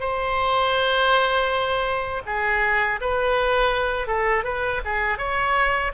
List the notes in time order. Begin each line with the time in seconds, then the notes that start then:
0.00 C5
2.26 G#4
3.01 B4
4.07 A4
4.44 B4
4.85 G#4
5.18 C#5